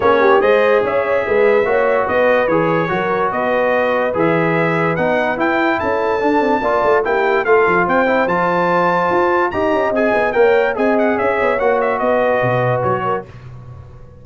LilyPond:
<<
  \new Staff \with { instrumentName = "trumpet" } { \time 4/4 \tempo 4 = 145 cis''4 dis''4 e''2~ | e''4 dis''4 cis''2 | dis''2 e''2 | fis''4 g''4 a''2~ |
a''4 g''4 f''4 g''4 | a''2. ais''4 | gis''4 g''4 gis''8 fis''8 e''4 | fis''8 e''8 dis''2 cis''4 | }
  \new Staff \with { instrumentName = "horn" } { \time 4/4 gis'8 g'8 c''4 cis''4 b'4 | cis''4 b'2 ais'4 | b'1~ | b'2 a'2 |
d''4 g'4 a'4 c''4~ | c''2. dis''4~ | dis''4 cis''4 dis''4 cis''4~ | cis''4 b'2~ b'8 ais'8 | }
  \new Staff \with { instrumentName = "trombone" } { \time 4/4 cis'4 gis'2. | fis'2 gis'4 fis'4~ | fis'2 gis'2 | dis'4 e'2 d'4 |
f'4 e'4 f'4. e'8 | f'2. g'4 | gis'4 ais'4 gis'2 | fis'1 | }
  \new Staff \with { instrumentName = "tuba" } { \time 4/4 ais4 gis4 cis'4 gis4 | ais4 b4 e4 fis4 | b2 e2 | b4 e'4 cis'4 d'8 c'8 |
ais8 a8 ais4 a8 f8 c'4 | f2 f'4 dis'8 cis'8 | c'8 b8 ais4 c'4 cis'8 b8 | ais4 b4 b,4 fis4 | }
>>